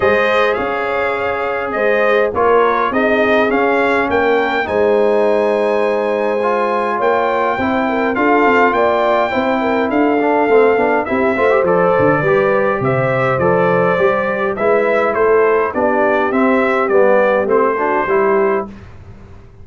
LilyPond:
<<
  \new Staff \with { instrumentName = "trumpet" } { \time 4/4 \tempo 4 = 103 dis''4 f''2 dis''4 | cis''4 dis''4 f''4 g''4 | gis''1 | g''2 f''4 g''4~ |
g''4 f''2 e''4 | d''2 e''4 d''4~ | d''4 e''4 c''4 d''4 | e''4 d''4 c''2 | }
  \new Staff \with { instrumentName = "horn" } { \time 4/4 c''4 cis''2 c''4 | ais'4 gis'2 ais'4 | c''1 | cis''4 c''8 ais'8 a'4 d''4 |
c''8 ais'8 a'2 g'8 c''8~ | c''4 b'4 c''2~ | c''4 b'4 a'4 g'4~ | g'2~ g'8 fis'8 g'4 | }
  \new Staff \with { instrumentName = "trombone" } { \time 4/4 gis'1 | f'4 dis'4 cis'2 | dis'2. f'4~ | f'4 e'4 f'2 |
e'4. d'8 c'8 d'8 e'8 f'16 g'16 | a'4 g'2 a'4 | g'4 e'2 d'4 | c'4 b4 c'8 d'8 e'4 | }
  \new Staff \with { instrumentName = "tuba" } { \time 4/4 gis4 cis'2 gis4 | ais4 c'4 cis'4 ais4 | gis1 | ais4 c'4 d'8 c'8 ais4 |
c'4 d'4 a8 b8 c'8 a8 | f8 d8 g4 c4 f4 | g4 gis4 a4 b4 | c'4 g4 a4 g4 | }
>>